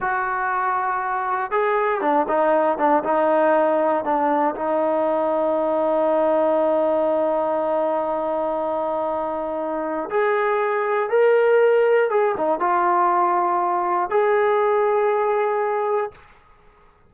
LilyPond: \new Staff \with { instrumentName = "trombone" } { \time 4/4 \tempo 4 = 119 fis'2. gis'4 | d'8 dis'4 d'8 dis'2 | d'4 dis'2.~ | dis'1~ |
dis'1 | gis'2 ais'2 | gis'8 dis'8 f'2. | gis'1 | }